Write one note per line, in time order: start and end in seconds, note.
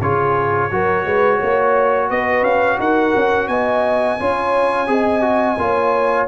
0.00 0.71 C#3
0.00 0.71 F4
0.00 0.70 G#4
0.00 2.10 C#5
0.71 1.05 F#3
0.71 4.20 F#4
0.71 1.06 A#4
1.05 1.40 G#3
1.05 1.37 B4
1.37 2.10 A#3
1.37 2.07 C#5
2.10 2.43 B3
2.10 2.78 B4
2.10 2.44 D#5
2.43 2.78 C#4
2.43 2.79 F5
2.78 3.14 D#4
2.78 3.48 A#4
2.78 3.48 F#5
3.16 3.48 C#4
3.48 4.18 B3
3.48 4.20 D#5
3.48 6.27 G#5
4.20 4.87 C#4
4.20 4.87 F4
4.20 4.90 C#5
4.87 5.57 C4
4.87 5.22 G#4
4.87 5.61 D#5
5.22 5.56 F#4
5.57 6.27 A#3
5.57 6.28 F4
5.57 6.28 C#5